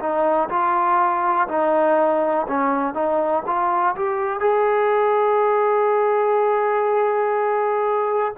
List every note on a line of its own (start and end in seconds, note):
0.00 0.49 D#4
0.50 1.48 F4
1.48 2.47 D#4
2.48 2.95 C#4
2.95 3.44 D#4
3.46 3.96 F4
3.96 4.40 G4
4.40 8.34 G#4